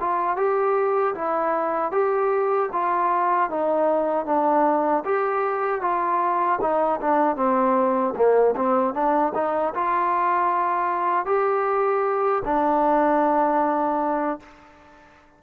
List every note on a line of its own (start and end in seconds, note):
0.00 0.36 F4
0.36 1.14 G4
1.15 1.92 E4
1.92 2.70 G4
2.72 3.50 F4
3.50 4.25 D#4
4.25 5.03 D4
5.05 5.81 G4
5.81 6.59 F4
6.61 7.00 D#4
7.01 7.36 D4
7.36 8.14 C4
8.16 8.55 A#3
8.56 8.94 C4
8.94 9.33 D4
9.34 9.73 D#4
9.74 11.26 F4
11.26 12.43 G4
12.45 14.40 D4